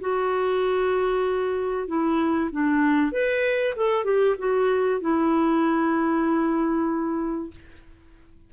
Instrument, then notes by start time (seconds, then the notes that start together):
clarinet
0.00 F#4
1.87 E4
2.51 D4
3.12 B4
3.76 A4
4.04 G4
4.38 F#4
5.00 E4